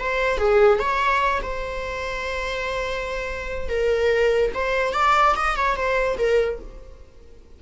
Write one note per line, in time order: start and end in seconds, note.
0.00 0.38 C5
0.38 0.80 G#4
0.80 1.42 C#5
1.43 3.70 C5
3.70 4.52 A#4
4.55 4.94 C5
4.94 5.35 D5
5.36 5.57 D#5
5.57 5.76 C#5
5.76 6.18 C5
6.18 6.60 A#4